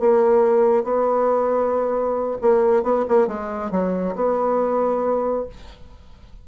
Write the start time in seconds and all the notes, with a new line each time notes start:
0.00 A#3
0.84 B3
2.42 A#3
2.83 B3
3.08 A#3
3.27 G#3
3.71 F#3
4.16 B3